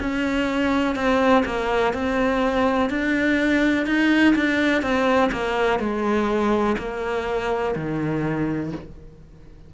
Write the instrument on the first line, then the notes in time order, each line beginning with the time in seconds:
cello
0.00 C#4
0.96 C4
1.46 A#3
1.94 C4
2.90 D4
3.87 D#4
4.35 D4
4.83 C4
5.32 A#3
5.80 G#3
6.78 A#3
7.76 D#3